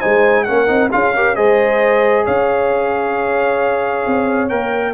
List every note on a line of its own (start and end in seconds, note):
0.00 0.49 G#3
0.00 0.46 D#4
0.00 0.45 C5
0.00 0.44 G#5
0.44 0.69 A#3
0.44 0.67 C#4
0.44 0.92 A#4
0.44 0.89 F#5
0.67 0.92 C4
0.67 0.90 D#4
0.92 1.37 C#4
0.92 1.14 F4
0.92 1.15 G#4
0.92 1.36 F5
1.16 1.36 G4
1.16 1.37 A#4
1.36 2.27 G#3
1.36 4.50 G#4
1.36 2.25 C5
1.36 2.25 D#5
2.25 4.06 C#4
2.25 4.94 C#5
2.25 4.49 F5
4.07 4.51 C4
4.49 4.94 A#3
4.49 4.94 A#4
4.49 4.94 G5